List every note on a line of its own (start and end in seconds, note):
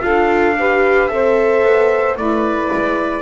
0.00 1.09 D4
0.00 0.54 F4
0.00 0.56 A4
0.00 1.08 F5
0.59 1.09 G4
0.59 1.13 B4
1.08 1.63 C4
1.08 2.17 A4
1.08 2.18 C5
1.08 2.16 E5
1.63 2.17 B3
2.17 2.70 A3
2.17 3.22 E4
2.17 3.22 B4
2.17 3.22 D5
2.73 3.22 G#3